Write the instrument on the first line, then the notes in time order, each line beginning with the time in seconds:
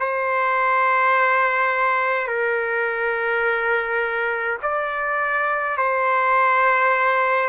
trumpet
0.00 C5
2.28 A#4
4.62 D5
5.77 C5